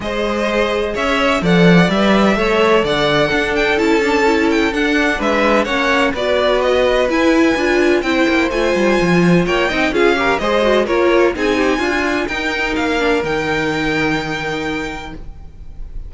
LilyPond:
<<
  \new Staff \with { instrumentName = "violin" } { \time 4/4 \tempo 4 = 127 dis''2 e''4 fis''4 | e''2 fis''4. g''8 | a''4. g''8 fis''4 e''4 | fis''4 d''4 dis''4 gis''4~ |
gis''4 g''4 gis''2 | g''4 f''4 dis''4 cis''4 | gis''2 g''4 f''4 | g''1 | }
  \new Staff \with { instrumentName = "violin" } { \time 4/4 c''2 cis''4 d''4~ | d''4 cis''4 d''4 a'4~ | a'2. b'4 | cis''4 b'2.~ |
b'4 c''2. | cis''8 dis''8 gis'8 ais'8 c''4 ais'4 | gis'8 g'8 f'4 ais'2~ | ais'1 | }
  \new Staff \with { instrumentName = "viola" } { \time 4/4 gis'2. a'4 | b'4 a'2 d'4 | e'8 d'8 e'4 d'2 | cis'4 fis'2 e'4 |
f'4 e'4 f'2~ | f'8 dis'8 f'8 g'8 gis'8 fis'8 f'4 | dis'4 f'4 dis'4. d'8 | dis'1 | }
  \new Staff \with { instrumentName = "cello" } { \time 4/4 gis2 cis'4 f4 | g4 a4 d4 d'4 | cis'2 d'4 gis4 | ais4 b2 e'4 |
d'4 c'8 ais8 a8 g8 f4 | ais8 c'8 cis'4 gis4 ais4 | c'4 d'4 dis'4 ais4 | dis1 | }
>>